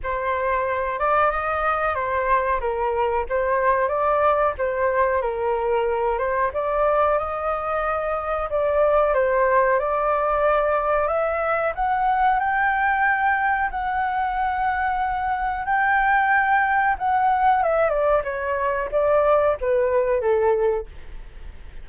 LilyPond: \new Staff \with { instrumentName = "flute" } { \time 4/4 \tempo 4 = 92 c''4. d''8 dis''4 c''4 | ais'4 c''4 d''4 c''4 | ais'4. c''8 d''4 dis''4~ | dis''4 d''4 c''4 d''4~ |
d''4 e''4 fis''4 g''4~ | g''4 fis''2. | g''2 fis''4 e''8 d''8 | cis''4 d''4 b'4 a'4 | }